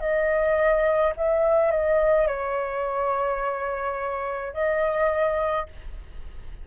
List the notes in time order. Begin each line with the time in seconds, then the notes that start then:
0.00 D#5
1.17 E5
1.71 D#5
2.27 C#5
4.53 D#5